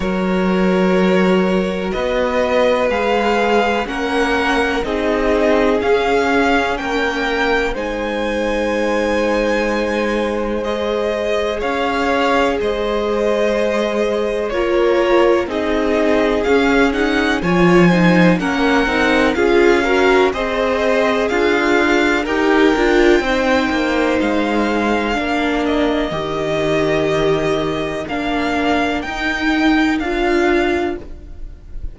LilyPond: <<
  \new Staff \with { instrumentName = "violin" } { \time 4/4 \tempo 4 = 62 cis''2 dis''4 f''4 | fis''4 dis''4 f''4 g''4 | gis''2. dis''4 | f''4 dis''2 cis''4 |
dis''4 f''8 fis''8 gis''4 fis''4 | f''4 dis''4 f''4 g''4~ | g''4 f''4. dis''4.~ | dis''4 f''4 g''4 f''4 | }
  \new Staff \with { instrumentName = "violin" } { \time 4/4 ais'2 b'2 | ais'4 gis'2 ais'4 | c''1 | cis''4 c''2 ais'4 |
gis'2 cis''8 c''8 ais'4 | gis'8 ais'8 c''4 f'4 ais'4 | c''2 ais'2~ | ais'1 | }
  \new Staff \with { instrumentName = "viola" } { \time 4/4 fis'2. gis'4 | cis'4 dis'4 cis'2 | dis'2. gis'4~ | gis'2. f'4 |
dis'4 cis'8 dis'8 f'8 dis'8 cis'8 dis'8 | f'8 fis'8 gis'2 g'8 f'8 | dis'2 d'4 g'4~ | g'4 d'4 dis'4 f'4 | }
  \new Staff \with { instrumentName = "cello" } { \time 4/4 fis2 b4 gis4 | ais4 c'4 cis'4 ais4 | gis1 | cis'4 gis2 ais4 |
c'4 cis'4 f4 ais8 c'8 | cis'4 c'4 d'4 dis'8 d'8 | c'8 ais8 gis4 ais4 dis4~ | dis4 ais4 dis'4 d'4 | }
>>